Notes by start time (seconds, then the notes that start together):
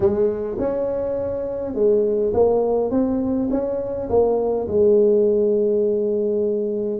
0.00 G#3
0.58 C#4
1.74 G#3
2.33 A#3
2.90 C4
3.50 C#4
4.09 A#3
4.68 G#3